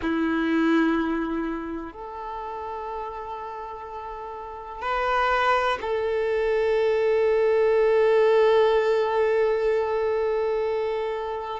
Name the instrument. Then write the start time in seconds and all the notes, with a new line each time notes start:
violin
0.01 E4
1.92 A4
4.81 B4
5.81 A4